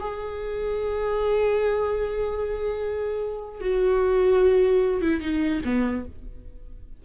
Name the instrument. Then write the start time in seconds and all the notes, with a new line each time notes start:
viola
0.00 G#4
3.61 F#4
5.02 E4
5.21 D#4
5.65 B3